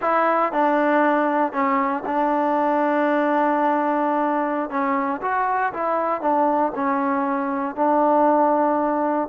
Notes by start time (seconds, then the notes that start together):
0.01 E4
0.52 D4
1.52 C#4
2.05 D4
4.70 C#4
5.21 F#4
5.73 E4
6.21 D4
6.75 C#4
7.75 D4